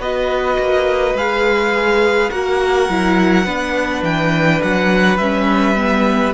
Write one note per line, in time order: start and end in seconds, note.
0.00 0.58 B3
0.00 1.18 F#4
0.00 2.31 B4
0.00 1.18 D#5
0.59 1.15 A#3
1.15 2.30 G#3
1.15 2.32 G#4
1.15 2.31 F5
2.31 2.90 A#3
2.31 2.89 F#4
2.31 3.46 A#4
2.31 4.04 F#5
2.90 3.46 F#3
2.90 3.46 E4
3.46 4.03 B3
3.46 5.19 D4
3.46 6.34 B4
4.03 4.61 E3
4.03 4.62 G5
4.63 5.18 F#3
4.63 5.18 F#5
5.18 6.34 G3
5.18 5.76 C#4
5.18 6.33 E5
5.76 6.34 B3